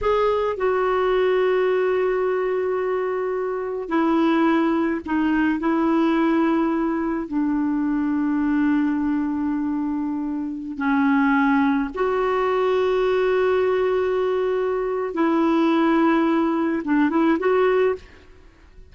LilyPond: \new Staff \with { instrumentName = "clarinet" } { \time 4/4 \tempo 4 = 107 gis'4 fis'2.~ | fis'2. e'4~ | e'4 dis'4 e'2~ | e'4 d'2.~ |
d'2.~ d'16 cis'8.~ | cis'4~ cis'16 fis'2~ fis'8.~ | fis'2. e'4~ | e'2 d'8 e'8 fis'4 | }